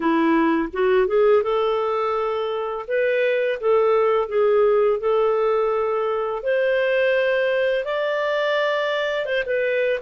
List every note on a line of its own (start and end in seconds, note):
0.00 0.68 E4
0.72 1.07 F#4
1.07 1.43 G#4
1.43 2.85 A4
2.87 3.59 B4
3.60 4.28 A4
4.28 4.99 G#4
5.00 6.43 A4
6.43 7.84 C5
7.84 9.25 D5
9.25 9.43 C5
9.45 9.99 B4